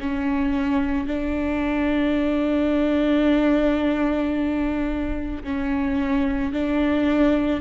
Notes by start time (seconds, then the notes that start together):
0.00 C#4
1.07 D4
5.43 C#4
6.53 D4